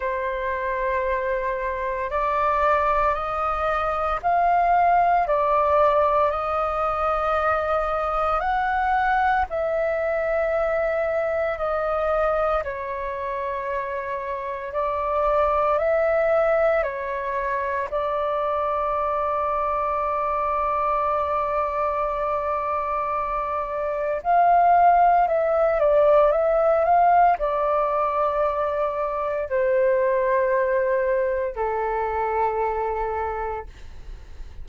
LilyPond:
\new Staff \with { instrumentName = "flute" } { \time 4/4 \tempo 4 = 57 c''2 d''4 dis''4 | f''4 d''4 dis''2 | fis''4 e''2 dis''4 | cis''2 d''4 e''4 |
cis''4 d''2.~ | d''2. f''4 | e''8 d''8 e''8 f''8 d''2 | c''2 a'2 | }